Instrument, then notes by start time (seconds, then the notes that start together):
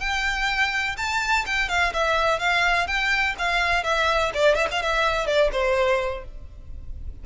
violin
0.00 G5
0.97 A5
1.46 G5
1.68 F5
1.93 E5
2.39 F5
2.87 G5
3.38 F5
3.83 E5
4.34 D5
4.55 E5
4.71 F5
4.82 E5
5.26 D5
5.52 C5